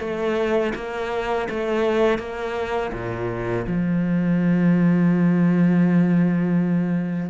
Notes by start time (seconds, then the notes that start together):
0.00 A3
0.75 A#3
1.50 A3
2.19 A#3
2.93 A#2
3.67 F3